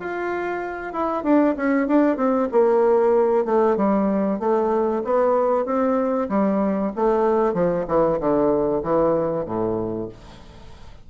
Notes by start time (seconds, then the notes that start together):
0.00 F4
0.93 E4
1.24 D4
1.57 C#4
1.88 D4
2.17 C4
2.52 A#3
3.46 A3
3.77 G3
4.40 A3
5.05 B3
5.66 C4
6.30 G3
6.96 A3
7.54 F3
7.88 E3
8.20 D3
8.83 E3
9.46 A2